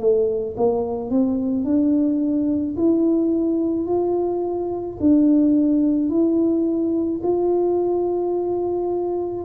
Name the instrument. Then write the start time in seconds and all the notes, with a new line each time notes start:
tuba
0.00 A3
0.58 A#3
1.11 C4
1.65 D4
2.77 E4
3.87 F4
5.01 D4
6.10 E4
7.23 F4